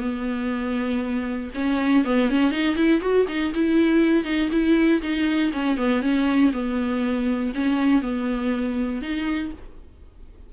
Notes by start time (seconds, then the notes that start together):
0.00 B3
1.54 C#4
2.04 B3
2.29 C#4
2.51 D#4
2.76 E4
3.01 F#4
3.28 D#4
3.54 E4
4.24 D#4
4.51 E4
5.01 D#4
5.52 C#4
5.77 B3
6.02 C#4
6.52 B3
7.55 C#4
8.01 B3
9.01 D#4